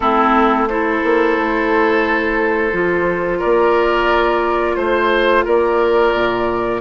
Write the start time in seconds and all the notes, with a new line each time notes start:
0.00 A3 C4 E4 A4
0.68 E4 A4 C5
1.04 A#3
1.37 A3
2.71 F3 F4
3.38 A#3 A#4 D5
4.75 A3 C5
5.44 A#3 A#4 D5
6.14 A#2